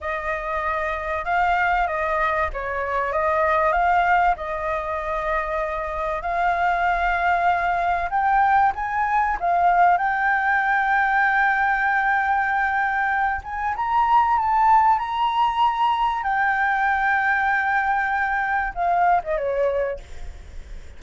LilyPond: \new Staff \with { instrumentName = "flute" } { \time 4/4 \tempo 4 = 96 dis''2 f''4 dis''4 | cis''4 dis''4 f''4 dis''4~ | dis''2 f''2~ | f''4 g''4 gis''4 f''4 |
g''1~ | g''4. gis''8 ais''4 a''4 | ais''2 g''2~ | g''2 f''8. dis''16 cis''4 | }